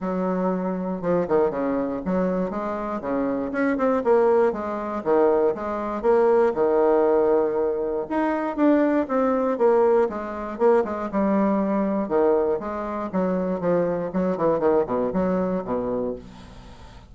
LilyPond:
\new Staff \with { instrumentName = "bassoon" } { \time 4/4 \tempo 4 = 119 fis2 f8 dis8 cis4 | fis4 gis4 cis4 cis'8 c'8 | ais4 gis4 dis4 gis4 | ais4 dis2. |
dis'4 d'4 c'4 ais4 | gis4 ais8 gis8 g2 | dis4 gis4 fis4 f4 | fis8 e8 dis8 b,8 fis4 b,4 | }